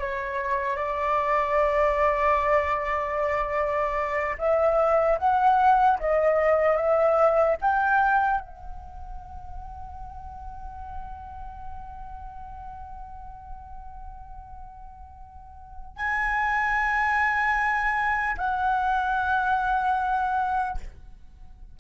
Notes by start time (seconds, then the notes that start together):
0.00 C#5
0.77 D5
4.39 E5
5.19 F#5
6.00 D#5
6.77 E5
7.61 G5
8.41 F#5
15.97 G#5
18.38 F#5